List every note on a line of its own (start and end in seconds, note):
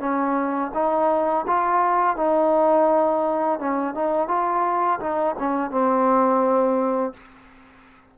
0.00 0.71 C#4
0.75 1.46 D#4
1.47 2.17 F4
2.17 3.60 D#4
3.60 3.95 C#4
3.95 4.29 D#4
4.29 5.00 F4
5.00 5.36 D#4
5.39 5.71 C#4
5.71 7.14 C4